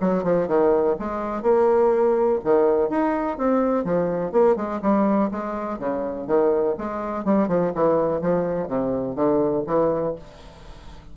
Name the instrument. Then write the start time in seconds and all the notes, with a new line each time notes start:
bassoon
0.00 F#3
0.23 F3
0.47 D#3
0.99 G#3
1.42 A#3
2.44 D#3
2.89 D#4
3.37 C4
3.84 F3
4.32 A#3
4.56 G#3
4.81 G3
5.31 G#3
5.79 C#3
6.27 D#3
6.78 G#3
7.24 G3
7.48 F3
7.74 E3
8.21 F3
8.68 C3
9.15 D3
9.66 E3